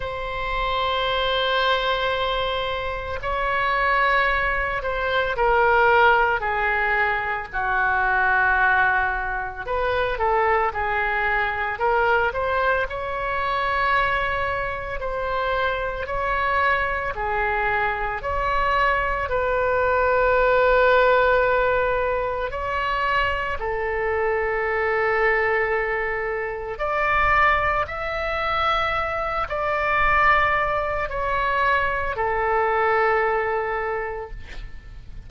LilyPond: \new Staff \with { instrumentName = "oboe" } { \time 4/4 \tempo 4 = 56 c''2. cis''4~ | cis''8 c''8 ais'4 gis'4 fis'4~ | fis'4 b'8 a'8 gis'4 ais'8 c''8 | cis''2 c''4 cis''4 |
gis'4 cis''4 b'2~ | b'4 cis''4 a'2~ | a'4 d''4 e''4. d''8~ | d''4 cis''4 a'2 | }